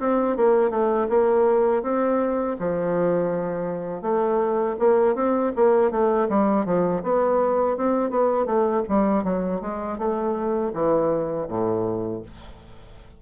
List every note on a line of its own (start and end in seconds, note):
0.00 0.37 C4
0.37 0.71 A#3
0.71 1.08 A3
1.09 1.83 A#3
1.83 2.57 C4
2.60 4.02 F3
4.02 4.76 A3
4.79 5.15 A#3
5.15 5.53 C4
5.56 5.91 A#3
5.91 6.28 A3
6.30 6.66 G3
6.66 7.03 F3
7.03 7.77 B3
7.78 8.10 C4
8.10 8.46 B3
8.46 8.83 A3
8.89 9.24 G3
9.24 9.61 F#3
9.61 9.98 G#3
9.99 10.73 A3
10.74 11.48 E3
11.48 12.23 A2